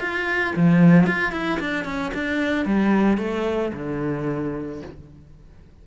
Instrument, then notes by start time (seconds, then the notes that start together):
cello
0.00 F4
0.56 F3
1.06 F4
1.32 E4
1.60 D4
1.85 C#4
2.14 D4
2.65 G3
3.18 A3
3.73 D3